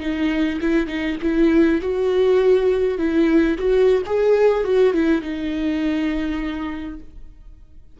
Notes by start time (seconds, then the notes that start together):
0.00 D#4
0.61 E4
0.87 D#4
1.22 E4
1.81 F#4
2.98 E4
3.58 F#4
4.06 G#4
4.64 F#4
4.94 E4
5.21 D#4